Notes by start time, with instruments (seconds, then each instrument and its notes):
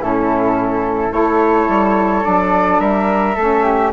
0.00 bassoon A2, saxophone C#4, flute E4 A4
1.10 bassoon A3, saxophone E4, flute A4 C#5
1.68 bassoon G3
2.22 bassoon F#3, saxophone D4, flute D5
2.80 bassoon G3, flute A#4 E5
3.35 bassoon A3, saxophone C#4, flute A4
3.63 flute G4